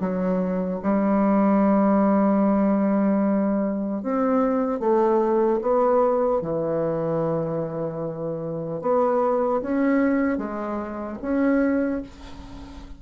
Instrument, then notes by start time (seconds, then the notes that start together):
bassoon
0.00 F#3
0.83 G3
4.03 C4
4.80 A3
5.61 B3
6.41 E3
8.81 B3
9.62 C#4
10.38 G#3
11.22 C#4